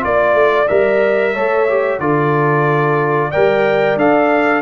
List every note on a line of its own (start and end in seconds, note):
0.00 0.34 A#3
0.00 0.66 F4
0.00 0.68 D5
0.00 1.34 D5
0.34 0.67 A3
0.68 1.35 G3
0.68 1.35 A#4
0.68 2.00 E5
1.34 1.99 A3
1.34 1.68 A4
1.34 2.00 C#5
1.69 2.00 G4
1.99 3.31 D3
1.99 3.32 F4
1.99 3.30 A4
1.99 3.31 D5
3.30 3.96 G3
3.30 3.98 A#4
3.30 4.62 D5
3.30 3.97 G5
3.96 4.62 D4
3.96 4.62 A4
3.96 4.62 F5